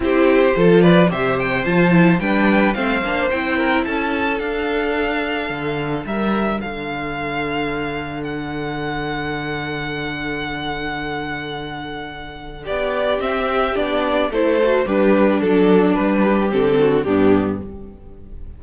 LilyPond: <<
  \new Staff \with { instrumentName = "violin" } { \time 4/4 \tempo 4 = 109 c''4. d''8 e''8 g''8 a''4 | g''4 f''4 g''4 a''4 | f''2. e''4 | f''2. fis''4~ |
fis''1~ | fis''2. d''4 | e''4 d''4 c''4 b'4 | a'4 b'4 a'4 g'4 | }
  \new Staff \with { instrumentName = "violin" } { \time 4/4 g'4 a'8 b'8 c''2 | b'4 c''4. ais'8 a'4~ | a'2. ais'4 | a'1~ |
a'1~ | a'2. g'4~ | g'2 a'4 d'4~ | d'4. g'4 fis'8 d'4 | }
  \new Staff \with { instrumentName = "viola" } { \time 4/4 e'4 f'4 g'4 f'8 e'8 | d'4 c'8 d'8 e'2 | d'1~ | d'1~ |
d'1~ | d'1 | c'4 d'4 e'8 fis'8 g'4 | d'2 c'4 b4 | }
  \new Staff \with { instrumentName = "cello" } { \time 4/4 c'4 f4 c4 f4 | g4 a8 ais8 c'4 cis'4 | d'2 d4 g4 | d1~ |
d1~ | d2. b4 | c'4 b4 a4 g4 | fis4 g4 d4 g,4 | }
>>